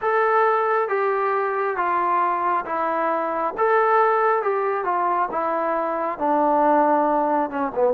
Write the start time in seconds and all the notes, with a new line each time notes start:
0.01 A4
0.88 G4
1.76 F4
2.65 E4
3.57 A4
4.42 G4
4.84 F4
5.31 E4
6.18 D4
7.50 C#4
7.74 B3